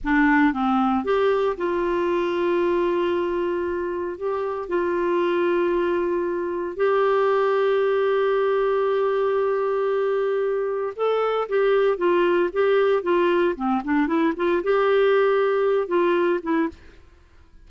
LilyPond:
\new Staff \with { instrumentName = "clarinet" } { \time 4/4 \tempo 4 = 115 d'4 c'4 g'4 f'4~ | f'1 | g'4 f'2.~ | f'4 g'2.~ |
g'1~ | g'4 a'4 g'4 f'4 | g'4 f'4 c'8 d'8 e'8 f'8 | g'2~ g'8 f'4 e'8 | }